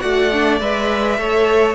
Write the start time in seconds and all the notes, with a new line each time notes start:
0.00 A3 F#4 D5 F#5
0.33 D4
0.61 G#3 B4 E5
1.18 A3 A4 C#5